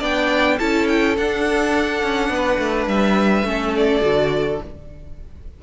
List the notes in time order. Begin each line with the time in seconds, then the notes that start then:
0.00 B3 D4 D5 G5
0.59 C#4 E4 A4 A5
0.88 G5
1.18 D4 F#5
2.03 C#4
2.30 B3 B4
2.59 A3
2.87 G3 E5
3.44 A3 C#4 A4
3.77 D5
4.02 D3 F#4